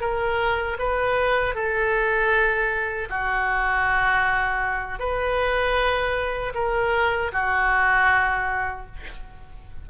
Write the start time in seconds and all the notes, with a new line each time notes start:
0.00 A#4
0.79 B4
1.55 A4
3.09 F#4
4.99 B4
6.54 A#4
7.32 F#4